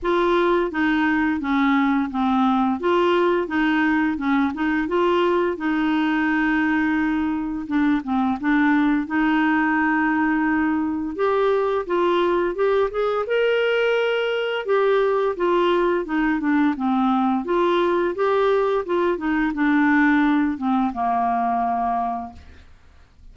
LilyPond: \new Staff \with { instrumentName = "clarinet" } { \time 4/4 \tempo 4 = 86 f'4 dis'4 cis'4 c'4 | f'4 dis'4 cis'8 dis'8 f'4 | dis'2. d'8 c'8 | d'4 dis'2. |
g'4 f'4 g'8 gis'8 ais'4~ | ais'4 g'4 f'4 dis'8 d'8 | c'4 f'4 g'4 f'8 dis'8 | d'4. c'8 ais2 | }